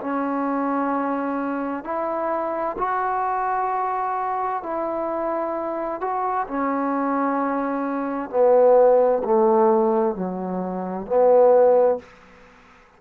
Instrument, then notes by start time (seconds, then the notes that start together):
trombone
0.00 C#4
1.84 E4
2.78 F#4
4.63 E4
6.00 F#4
6.47 C#4
8.30 B3
9.24 A3
10.15 F#3
11.06 B3